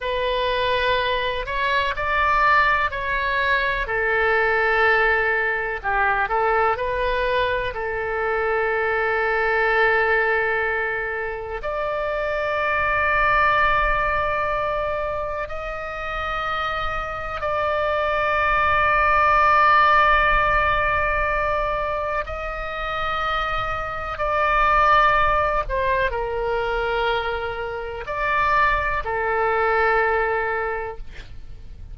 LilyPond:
\new Staff \with { instrumentName = "oboe" } { \time 4/4 \tempo 4 = 62 b'4. cis''8 d''4 cis''4 | a'2 g'8 a'8 b'4 | a'1 | d''1 |
dis''2 d''2~ | d''2. dis''4~ | dis''4 d''4. c''8 ais'4~ | ais'4 d''4 a'2 | }